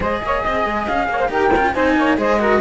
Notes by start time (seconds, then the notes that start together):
0.00 G#3 G#4 C5 D#5
0.22 A#3 C#5
0.43 C4 D#5
0.65 G#3
0.87 C#4 F5
1.08 A#3 C#5
1.19 C5
1.28 D#4 G4 A#4 G5
1.54 C#4 F4
1.73 C4 D#4 C5 G#5
1.96 A#3 C#5
2.17 G#3 G#4 C5 D#5
2.39 F#4 A#4